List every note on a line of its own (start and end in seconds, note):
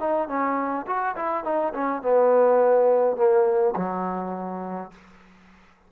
0.00 0.28 D#4
0.28 0.86 C#4
0.87 1.16 F#4
1.16 1.44 E4
1.44 1.73 D#4
1.74 2.02 C#4
2.02 3.17 B3
3.17 3.75 A#3
3.77 4.92 F#3